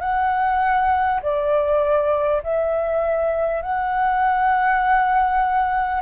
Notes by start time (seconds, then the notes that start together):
0.00 F#5
1.22 D5
2.43 E5
3.62 F#5